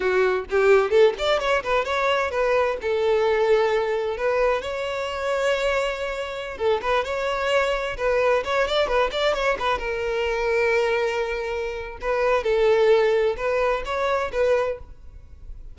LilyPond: \new Staff \with { instrumentName = "violin" } { \time 4/4 \tempo 4 = 130 fis'4 g'4 a'8 d''8 cis''8 b'8 | cis''4 b'4 a'2~ | a'4 b'4 cis''2~ | cis''2~ cis''16 a'8 b'8 cis''8.~ |
cis''4~ cis''16 b'4 cis''8 d''8 b'8 d''16~ | d''16 cis''8 b'8 ais'2~ ais'8.~ | ais'2 b'4 a'4~ | a'4 b'4 cis''4 b'4 | }